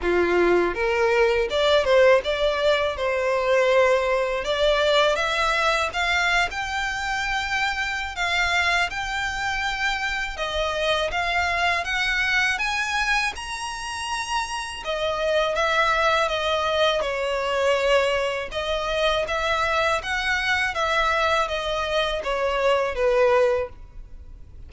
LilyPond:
\new Staff \with { instrumentName = "violin" } { \time 4/4 \tempo 4 = 81 f'4 ais'4 d''8 c''8 d''4 | c''2 d''4 e''4 | f''8. g''2~ g''16 f''4 | g''2 dis''4 f''4 |
fis''4 gis''4 ais''2 | dis''4 e''4 dis''4 cis''4~ | cis''4 dis''4 e''4 fis''4 | e''4 dis''4 cis''4 b'4 | }